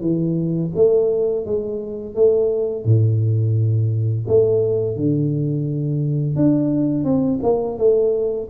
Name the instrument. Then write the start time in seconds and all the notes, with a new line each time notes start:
tuba
0.00 E3
0.75 A3
1.45 G#3
2.15 A3
2.85 A2
4.27 A3
4.96 D3
6.36 D4
7.04 C4
7.42 A#3
7.77 A3